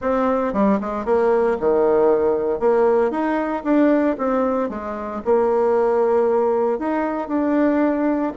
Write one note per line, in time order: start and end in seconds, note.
0.01 0.53 C4
0.53 0.79 G3
0.80 1.05 G#3
1.05 1.57 A#3
1.60 2.59 D#3
2.59 3.10 A#3
3.10 3.62 D#4
3.64 4.16 D4
4.18 4.69 C4
4.69 5.21 G#3
5.24 6.78 A#3
6.78 7.28 D#4
7.28 8.32 D4